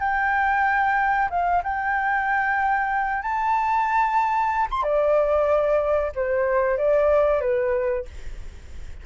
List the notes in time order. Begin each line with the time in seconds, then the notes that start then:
0.00 G5
1.30 F5
1.64 G5
3.23 A5
4.71 C6
4.83 D5
6.16 C5
6.78 D5
7.41 B4